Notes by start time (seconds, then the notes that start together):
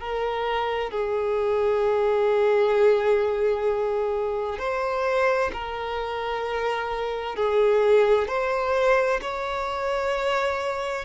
0.00 A#4
0.91 G#4
4.59 C5
5.53 A#4
7.36 G#4
8.28 C5
9.21 C#5